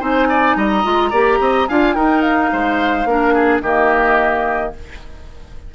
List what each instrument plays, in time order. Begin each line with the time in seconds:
0.00 bassoon C4, clarinet D#4, oboe C5, flute G#5
0.29 oboe D5
0.56 bassoon G3, oboe D#5, flute A#5
0.83 bassoon G#3, clarinet F4
1.10 bassoon A#3, clarinet G4, oboe D5
1.40 bassoon C4, oboe D#5
1.68 bassoon D4, clarinet F4, oboe F5, flute G#5
1.95 clarinet D#4, bassoon D#4, oboe A#4, flute G5
2.21 flute F5
2.53 bassoon G#3, oboe C5
3.05 bassoon A#3, clarinet D4, oboe A#4
3.34 oboe G#4
3.61 bassoon D#3, clarinet A#3, oboe G4, flute D#5